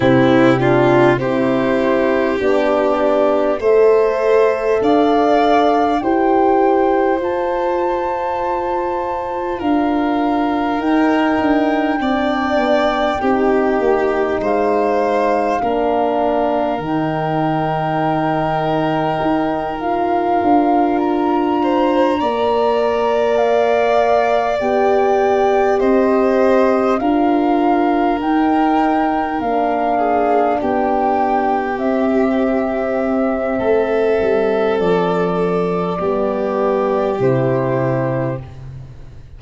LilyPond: <<
  \new Staff \with { instrumentName = "flute" } { \time 4/4 \tempo 4 = 50 g'4 c''4 d''4 e''4 | f''4 g''4 a''2 | f''4 g''2. | f''2 g''2~ |
g''8 f''4 ais''2 f''8~ | f''8 g''4 dis''4 f''4 g''8~ | g''8 f''4 g''4 e''4.~ | e''4 d''2 c''4 | }
  \new Staff \with { instrumentName = "violin" } { \time 4/4 e'8 f'8 g'2 c''4 | d''4 c''2. | ais'2 d''4 g'4 | c''4 ais'2.~ |
ais'2 c''8 d''4.~ | d''4. c''4 ais'4.~ | ais'4 gis'8 g'2~ g'8 | a'2 g'2 | }
  \new Staff \with { instrumentName = "horn" } { \time 4/4 c'8 d'8 e'4 d'4 a'4~ | a'4 g'4 f'2~ | f'4 dis'4 d'4 dis'4~ | dis'4 d'4 dis'2~ |
dis'8 f'2 ais'4.~ | ais'8 g'2 f'4 dis'8~ | dis'8 d'2 c'4.~ | c'2 b4 e'4 | }
  \new Staff \with { instrumentName = "tuba" } { \time 4/4 c4 c'4 b4 a4 | d'4 e'4 f'2 | d'4 dis'8 d'8 c'8 b8 c'8 ais8 | gis4 ais4 dis2 |
dis'4 d'4. ais4.~ | ais8 b4 c'4 d'4 dis'8~ | dis'8 ais4 b4 c'4. | a8 g8 f4 g4 c4 | }
>>